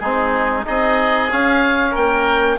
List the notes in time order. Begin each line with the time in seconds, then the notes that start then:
0.00 G#3 C4 D#4 G#4
0.64 C4 D#4 G#4 D#5
1.31 C#4 F5
1.91 A#3 A#4 G5